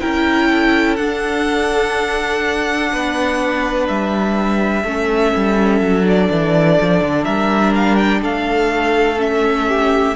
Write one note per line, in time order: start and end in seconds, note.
0.00 0.98 C#4
0.00 0.98 E4
0.00 0.49 A#4
0.00 0.96 G5
0.49 2.91 A4
0.96 4.85 D4
0.96 2.92 D4
0.96 3.86 F#5
2.92 3.89 B3
2.92 4.83 B4
3.87 4.84 G3
3.87 6.05 E5
4.83 5.32 A3
4.83 6.02 C#4
4.83 7.23 A4
5.36 5.80 G3
5.80 6.28 F#3
6.02 9.17 D4
6.02 7.24 D5
6.30 6.79 E3
6.80 7.00 F3
7.00 7.25 D3
7.23 8.22 G3
7.23 8.20 A#4
7.23 7.73 E5
7.75 7.96 F5
7.96 8.20 G5
8.22 10.16 A3
8.22 9.67 A4
8.22 9.20 F5
9.17 10.14 C#4
9.17 10.16 E5
9.68 10.16 G4